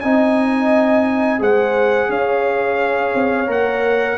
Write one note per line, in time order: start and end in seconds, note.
0.00 1.41 C4
0.00 1.38 D#4
0.00 1.41 D#5
0.00 1.40 G#5
1.38 2.09 G#3
1.38 3.46 G#4
1.38 2.09 C5
1.38 2.11 F#5
2.09 3.13 C#4
2.09 4.17 C#5
2.09 3.50 F5
3.14 3.47 C4
3.46 4.17 A#3
3.46 4.16 A#4
3.46 4.17 F#5